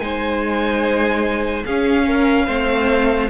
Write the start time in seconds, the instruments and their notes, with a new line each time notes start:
0.00 cello G#3, viola D#4, violin C5 G#5
1.65 viola C#4, cello C#4, violin G#4 F5
2.07 violin A#4
2.47 cello A3, viola C4, violin C5